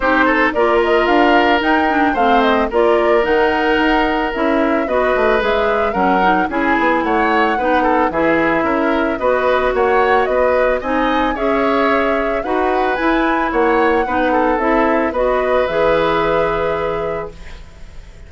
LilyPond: <<
  \new Staff \with { instrumentName = "flute" } { \time 4/4 \tempo 4 = 111 c''4 d''8 dis''8 f''4 g''4 | f''8 dis''8 d''4 fis''2 | e''4 dis''4 e''4 fis''4 | gis''4 fis''2 e''4~ |
e''4 dis''4 fis''4 dis''4 | gis''4 e''2 fis''4 | gis''4 fis''2 e''4 | dis''4 e''2. | }
  \new Staff \with { instrumentName = "oboe" } { \time 4/4 g'8 a'8 ais'2. | c''4 ais'2.~ | ais'4 b'2 ais'4 | gis'4 cis''4 b'8 a'8 gis'4 |
ais'4 b'4 cis''4 b'4 | dis''4 cis''2 b'4~ | b'4 cis''4 b'8 a'4. | b'1 | }
  \new Staff \with { instrumentName = "clarinet" } { \time 4/4 dis'4 f'2 dis'8 d'8 | c'4 f'4 dis'2 | e'4 fis'4 gis'4 cis'8 dis'8 | e'2 dis'4 e'4~ |
e'4 fis'2. | dis'4 gis'2 fis'4 | e'2 dis'4 e'4 | fis'4 gis'2. | }
  \new Staff \with { instrumentName = "bassoon" } { \time 4/4 c'4 ais4 d'4 dis'4 | a4 ais4 dis4 dis'4 | cis'4 b8 a8 gis4 fis4 | cis'8 b8 a4 b4 e4 |
cis'4 b4 ais4 b4 | c'4 cis'2 dis'4 | e'4 ais4 b4 c'4 | b4 e2. | }
>>